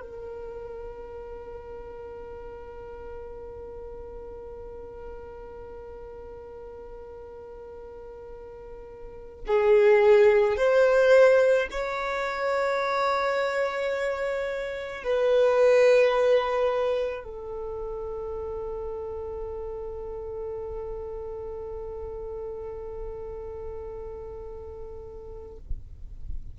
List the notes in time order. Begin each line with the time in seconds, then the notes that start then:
0.00 A#4
9.47 G#4
10.57 C5
11.71 C#5
15.03 B4
17.24 A4